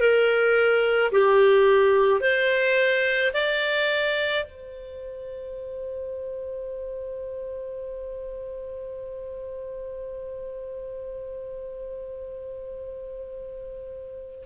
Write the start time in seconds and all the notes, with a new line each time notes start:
0.00 A#4
1.12 G4
2.21 C5
3.33 D5
4.44 C5